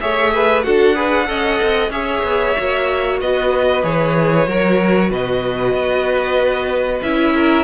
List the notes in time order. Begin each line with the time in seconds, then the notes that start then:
0.00 A3 G#4 C#5 E5
0.33 B4
0.62 D4 F#4 A4 F#5
0.94 G#4 B4
1.26 C#4 A4 D#5
1.62 C4
1.90 C#4 G#4 C#5 E5
2.23 B3
2.56 A#3 F#4
3.20 B3 B4 D#5
3.83 E3 G#4 C#5
4.47 F#3 F#4 A#4
5.10 B2 B4 D#5
5.73 B3
7.02 C#4 E4 E5
7.34 A#4